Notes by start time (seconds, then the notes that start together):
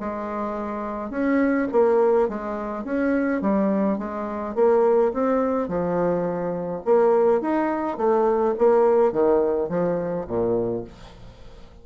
0.00 G#3
1.10 C#4
1.72 A#3
2.29 G#3
2.84 C#4
3.41 G3
3.98 G#3
4.55 A#3
5.14 C4
5.68 F3
6.85 A#3
7.41 D#4
7.98 A3
8.58 A#3
9.12 D#3
9.69 F3
10.27 A#2